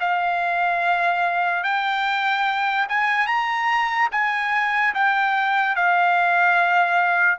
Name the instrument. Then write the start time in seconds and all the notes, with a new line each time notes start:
trumpet
0.00 F5
1.64 G5
2.89 G#5
3.27 A#5
4.12 G#5
4.95 G5
5.76 F5